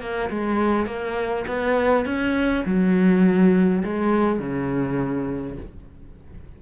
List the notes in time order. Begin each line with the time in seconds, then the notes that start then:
0.00 A#3
0.30 G#3
0.86 A#3
1.47 B3
2.05 C#4
2.66 F#3
3.84 G#3
4.39 C#3